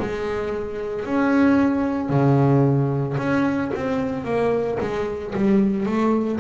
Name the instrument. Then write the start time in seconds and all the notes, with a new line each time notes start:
double bass
0.00 G#3
1.05 C#4
2.09 C#3
3.18 C#4
3.75 C4
4.25 A#3
4.81 G#3
5.36 G3
5.86 A3